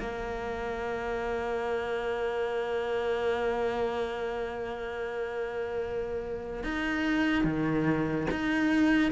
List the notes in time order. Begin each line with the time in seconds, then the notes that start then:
0.00 A#3
6.64 D#4
7.44 D#3
8.31 D#4